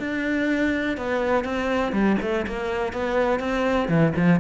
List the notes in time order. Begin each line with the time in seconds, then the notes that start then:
0.00 D4
0.98 B3
1.45 C4
1.93 G3
2.22 A3
2.47 A#3
2.93 B3
3.40 C4
3.88 E3
4.16 F3